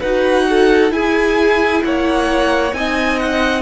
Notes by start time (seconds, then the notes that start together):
0.00 D#4 F#4 B4 F#5
0.50 A4
0.90 E4 G#4 G#5
1.84 A#3 C#5 F#5
2.73 C4 D#4 D#5 G#5
3.20 F#5